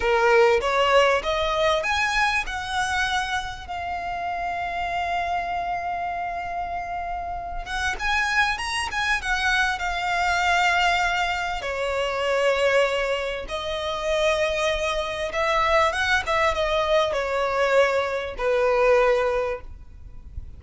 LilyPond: \new Staff \with { instrumentName = "violin" } { \time 4/4 \tempo 4 = 98 ais'4 cis''4 dis''4 gis''4 | fis''2 f''2~ | f''1~ | f''8 fis''8 gis''4 ais''8 gis''8 fis''4 |
f''2. cis''4~ | cis''2 dis''2~ | dis''4 e''4 fis''8 e''8 dis''4 | cis''2 b'2 | }